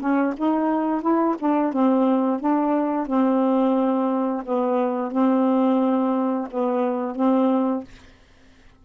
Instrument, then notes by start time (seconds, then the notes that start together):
saxophone
0.00 C#4
0.37 D#4
1.02 E4
1.39 D4
1.73 C4
2.40 D4
3.07 C4
4.45 B3
5.11 C4
6.51 B3
7.16 C4